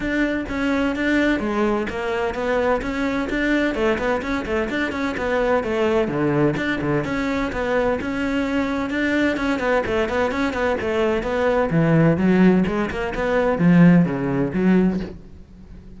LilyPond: \new Staff \with { instrumentName = "cello" } { \time 4/4 \tempo 4 = 128 d'4 cis'4 d'4 gis4 | ais4 b4 cis'4 d'4 | a8 b8 cis'8 a8 d'8 cis'8 b4 | a4 d4 d'8 d8 cis'4 |
b4 cis'2 d'4 | cis'8 b8 a8 b8 cis'8 b8 a4 | b4 e4 fis4 gis8 ais8 | b4 f4 cis4 fis4 | }